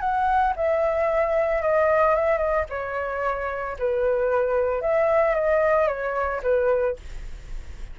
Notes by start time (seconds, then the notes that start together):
0.00 F#5
0.56 E5
1.62 D#5
2.16 E5
2.38 D#5
2.70 C#5
3.79 B4
4.82 E5
5.35 D#5
5.88 C#5
6.43 B4